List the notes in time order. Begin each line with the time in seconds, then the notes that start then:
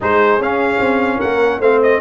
0.00 G#3 D#4 G#4 C5
0.39 C#4 F5
0.80 C4
1.17 A#3 A#4 F#5
1.59 A3 C4 C5 F5
1.82 D#5